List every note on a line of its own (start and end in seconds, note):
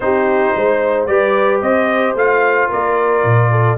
0.00 0.53 C4
0.00 1.08 D#4
0.00 0.55 G4
0.00 1.05 C5
0.55 1.08 G#3
0.55 1.09 C5
1.06 1.62 G3
1.06 2.16 G4
1.06 1.62 B4
1.06 1.60 D5
1.61 2.15 C4
1.61 2.68 C5
1.61 2.16 D#5
2.15 2.69 A3
2.15 3.77 F4
2.15 2.71 F5
2.68 3.23 A#3
2.68 3.49 A#4
2.68 3.77 D5
3.23 3.77 A#2
3.51 3.77 A4